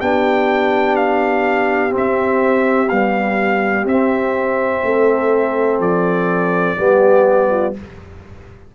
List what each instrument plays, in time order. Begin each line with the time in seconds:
0.00 tuba B3, trombone D4, horn G4, trumpet G5
0.96 trumpet F5
1.90 trombone C4
1.96 tuba C4, trumpet E5
2.89 trombone G3, tuba B3, trumpet F5
3.84 tuba C4, trombone C4, trumpet E5
4.83 tuba A3, horn A4
5.79 tuba F3, trumpet D5
6.77 tuba G3, trombone B3, horn G4
7.50 horn F4